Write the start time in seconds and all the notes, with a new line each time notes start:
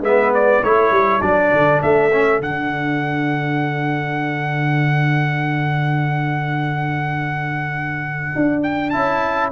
0.00 G#3 B3 B4 E5
0.34 D5
0.61 A3 E4 A4 C#5
0.91 G3
1.21 F#3 D4 D5
1.52 D3
1.82 A3 E5
2.11 C#4
2.39 D3 D4 F#5
8.35 D4
8.63 G5
8.89 C#4 E4 A5